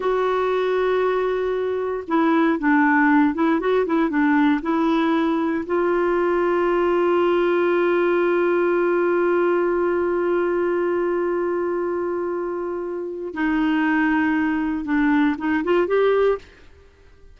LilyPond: \new Staff \with { instrumentName = "clarinet" } { \time 4/4 \tempo 4 = 117 fis'1 | e'4 d'4. e'8 fis'8 e'8 | d'4 e'2 f'4~ | f'1~ |
f'1~ | f'1~ | f'2 dis'2~ | dis'4 d'4 dis'8 f'8 g'4 | }